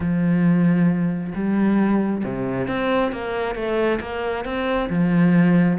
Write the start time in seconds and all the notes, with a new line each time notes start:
0.00 F3
1.34 G3
2.24 C3
2.67 C4
3.12 A#3
3.55 A3
4.00 A#3
4.44 C4
4.89 F3